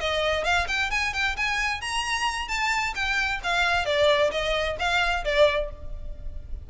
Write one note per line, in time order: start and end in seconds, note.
0.00 0.44 D#5
0.44 0.67 F5
0.68 0.90 G5
0.91 1.13 G#5
1.13 1.36 G5
1.37 1.81 G#5
1.81 2.48 A#5
2.48 2.94 A5
2.95 3.40 G5
3.43 3.85 F5
3.85 4.31 D5
4.31 4.77 D#5
4.79 5.24 F5
5.25 5.70 D5